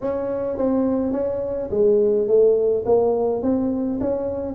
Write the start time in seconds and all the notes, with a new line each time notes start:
0.01 C#4
0.57 C4
1.12 C#4
1.70 G#3
2.27 A3
2.85 A#3
3.42 C4
4.00 C#4